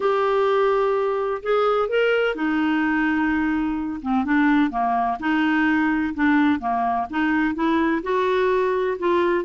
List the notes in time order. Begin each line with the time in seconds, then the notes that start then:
0.00 G4
1.42 G#4
1.88 A#4
2.35 D#4
4.02 C4
4.24 D4
4.70 A#3
5.19 D#4
6.14 D4
6.59 A#3
7.10 D#4
7.54 E4
8.03 F#4
8.98 F4